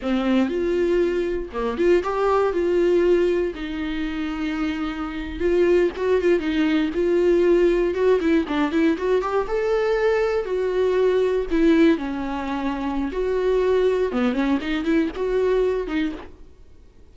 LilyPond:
\new Staff \with { instrumentName = "viola" } { \time 4/4 \tempo 4 = 119 c'4 f'2 ais8 f'8 | g'4 f'2 dis'4~ | dis'2~ dis'8. f'4 fis'16~ | fis'16 f'8 dis'4 f'2 fis'16~ |
fis'16 e'8 d'8 e'8 fis'8 g'8 a'4~ a'16~ | a'8. fis'2 e'4 cis'16~ | cis'2 fis'2 | b8 cis'8 dis'8 e'8 fis'4. dis'8 | }